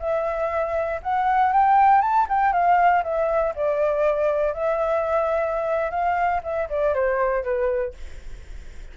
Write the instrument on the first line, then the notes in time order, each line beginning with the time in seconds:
flute
0.00 E5
1.03 F#5
1.53 G5
2.02 A5
2.29 G5
2.53 F5
3.04 E5
3.56 D5
4.54 E5
5.91 F5
6.44 E5
6.70 D5
6.95 C5
7.44 B4